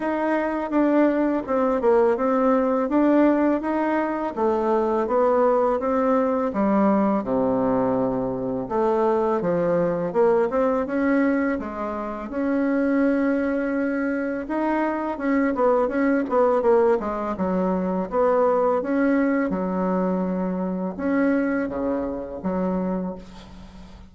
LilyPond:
\new Staff \with { instrumentName = "bassoon" } { \time 4/4 \tempo 4 = 83 dis'4 d'4 c'8 ais8 c'4 | d'4 dis'4 a4 b4 | c'4 g4 c2 | a4 f4 ais8 c'8 cis'4 |
gis4 cis'2. | dis'4 cis'8 b8 cis'8 b8 ais8 gis8 | fis4 b4 cis'4 fis4~ | fis4 cis'4 cis4 fis4 | }